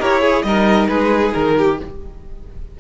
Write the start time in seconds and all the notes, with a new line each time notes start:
0.00 E4 G4 A#4 C#5
0.21 G#4
0.43 G3 D#4 A#4 D#5
0.88 G#3 G#4 B4
1.34 D#3 A#4
1.58 G4